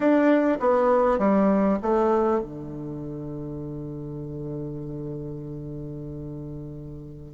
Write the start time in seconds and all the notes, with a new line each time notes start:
0.00 D4
0.60 B3
1.18 G3
1.82 A3
2.40 D3